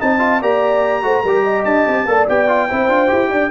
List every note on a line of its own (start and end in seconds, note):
0.00 0.42 C4
0.00 0.19 D#4
0.00 0.42 D#5
0.00 0.42 A5
0.19 0.40 F4
0.42 1.03 A#3
0.42 1.03 G4
0.42 1.04 D5
0.42 1.64 A#5
1.03 1.24 A3
1.03 1.23 F#4
1.03 1.23 C5
1.23 1.65 G3
1.23 2.07 G4
1.23 1.44 A#4
1.44 2.06 D#5
1.64 1.86 D4
1.64 2.27 A5
1.87 2.05 C4
2.05 2.26 A#3
2.05 2.28 A4
2.05 2.69 D5
2.28 2.71 B3
2.28 2.48 G4
2.28 3.51 G5
2.48 2.69 F4
2.69 2.89 C4
2.69 2.90 E4
2.69 3.30 C5
2.89 3.09 D4
2.89 3.08 F4
3.08 3.31 E4
3.08 3.49 G4
3.30 3.51 D4
3.30 3.51 D5